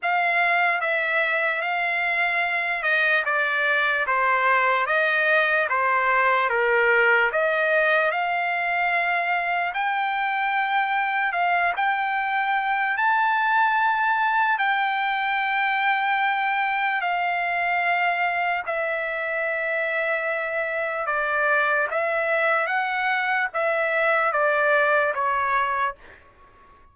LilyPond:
\new Staff \with { instrumentName = "trumpet" } { \time 4/4 \tempo 4 = 74 f''4 e''4 f''4. dis''8 | d''4 c''4 dis''4 c''4 | ais'4 dis''4 f''2 | g''2 f''8 g''4. |
a''2 g''2~ | g''4 f''2 e''4~ | e''2 d''4 e''4 | fis''4 e''4 d''4 cis''4 | }